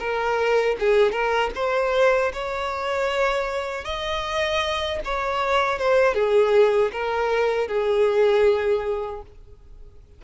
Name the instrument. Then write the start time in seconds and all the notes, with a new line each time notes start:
violin
0.00 A#4
0.80 G#4
1.12 A#4
1.56 C5
2.34 C#5
3.85 D#5
5.05 C#5
5.79 C5
6.15 G#4
6.93 A#4
7.69 G#4